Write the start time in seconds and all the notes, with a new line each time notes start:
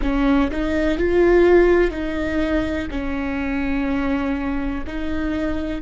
0.02 C#4
0.50 D#4
0.98 F4
1.90 D#4
2.90 C#4
4.87 D#4